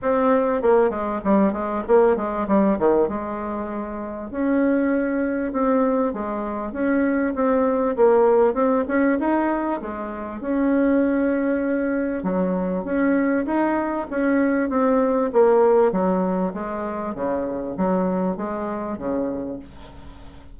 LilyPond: \new Staff \with { instrumentName = "bassoon" } { \time 4/4 \tempo 4 = 98 c'4 ais8 gis8 g8 gis8 ais8 gis8 | g8 dis8 gis2 cis'4~ | cis'4 c'4 gis4 cis'4 | c'4 ais4 c'8 cis'8 dis'4 |
gis4 cis'2. | fis4 cis'4 dis'4 cis'4 | c'4 ais4 fis4 gis4 | cis4 fis4 gis4 cis4 | }